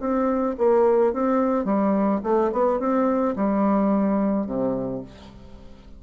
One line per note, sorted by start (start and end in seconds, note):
0.00 0.56 C4
0.57 1.13 A#3
1.13 1.64 C4
1.64 2.20 G3
2.23 2.51 A3
2.52 2.79 B3
2.79 3.35 C4
3.35 4.46 G3
4.46 5.01 C3